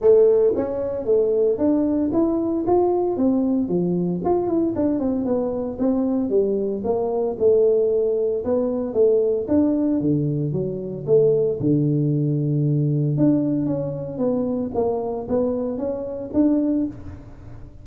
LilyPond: \new Staff \with { instrumentName = "tuba" } { \time 4/4 \tempo 4 = 114 a4 cis'4 a4 d'4 | e'4 f'4 c'4 f4 | f'8 e'8 d'8 c'8 b4 c'4 | g4 ais4 a2 |
b4 a4 d'4 d4 | fis4 a4 d2~ | d4 d'4 cis'4 b4 | ais4 b4 cis'4 d'4 | }